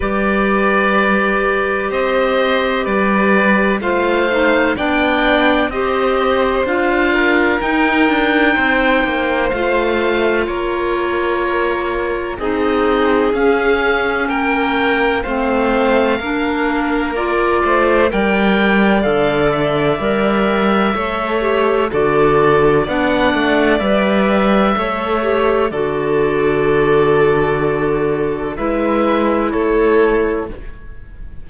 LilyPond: <<
  \new Staff \with { instrumentName = "oboe" } { \time 4/4 \tempo 4 = 63 d''2 dis''4 d''4 | f''4 g''4 dis''4 f''4 | g''2 f''4 cis''4~ | cis''4 dis''4 f''4 g''4 |
f''2 d''4 g''4 | f''8 e''2~ e''8 d''4 | fis''4 e''2 d''4~ | d''2 e''4 cis''4 | }
  \new Staff \with { instrumentName = "violin" } { \time 4/4 b'2 c''4 b'4 | c''4 d''4 c''4. ais'8~ | ais'4 c''2 ais'4~ | ais'4 gis'2 ais'4 |
c''4 ais'4. c''8 d''4~ | d''2 cis''4 a'4 | d''2 cis''4 a'4~ | a'2 b'4 a'4 | }
  \new Staff \with { instrumentName = "clarinet" } { \time 4/4 g'1 | f'8 dis'8 d'4 g'4 f'4 | dis'2 f'2~ | f'4 dis'4 cis'2 |
c'4 d'4 f'4 ais'4 | a'4 ais'4 a'8 g'8 fis'4 | d'4 b'4 a'8 g'8 fis'4~ | fis'2 e'2 | }
  \new Staff \with { instrumentName = "cello" } { \time 4/4 g2 c'4 g4 | a4 b4 c'4 d'4 | dis'8 d'8 c'8 ais8 a4 ais4~ | ais4 c'4 cis'4 ais4 |
a4 ais4. a8 g4 | d4 g4 a4 d4 | b8 a8 g4 a4 d4~ | d2 gis4 a4 | }
>>